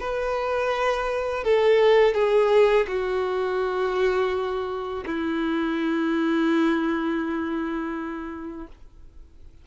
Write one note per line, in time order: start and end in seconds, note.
0.00 1.44 B4
1.44 2.15 A4
2.15 2.87 G#4
2.88 5.05 F#4
5.06 8.67 E4